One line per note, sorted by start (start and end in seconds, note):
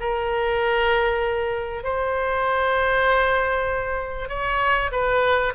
0.00 1.84 A#4
1.84 4.29 C5
4.29 4.91 C#5
4.91 5.53 B4